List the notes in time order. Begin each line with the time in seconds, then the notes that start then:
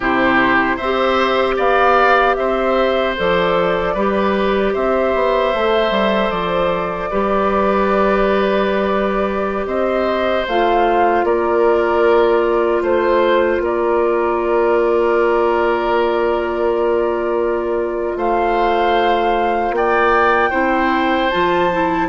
0.00 C3 E4 G4 C5
0.76 C4 C5 E5
0.83 G4
1.56 B3 D5 F5
2.35 C4 C5 E5
3.17 F3 A4 D5
3.94 G3 G4 B4
4.73 C4 C5 E5
5.14 B3
5.54 A3 A4
5.90 G3
6.29 F3 D5
7.10 G3 G4 B4
9.65 C4 C5 D#5
10.47 A3 F4 F5
11.24 A#3 A#4 D5
12.82 A3 C5
13.59 A#3 A#4 D5
18.16 A3 C5 F5
19.71 A#3 D5 G5
20.50 C4 E4 C5
21.29 F3 F4 A5
21.72 E4